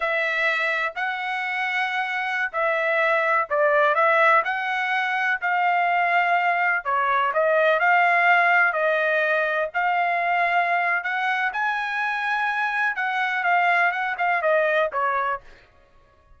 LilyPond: \new Staff \with { instrumentName = "trumpet" } { \time 4/4 \tempo 4 = 125 e''2 fis''2~ | fis''4~ fis''16 e''2 d''8.~ | d''16 e''4 fis''2 f''8.~ | f''2~ f''16 cis''4 dis''8.~ |
dis''16 f''2 dis''4.~ dis''16~ | dis''16 f''2~ f''8. fis''4 | gis''2. fis''4 | f''4 fis''8 f''8 dis''4 cis''4 | }